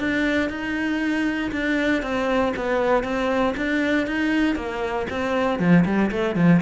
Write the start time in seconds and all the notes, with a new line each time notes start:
0.00 D4
0.50 D#4
1.52 D4
2.03 C4
2.57 B3
3.04 C4
3.57 D4
4.07 D#4
4.56 A#3
5.10 C4
5.59 F3
5.86 G3
6.11 A3
6.36 F3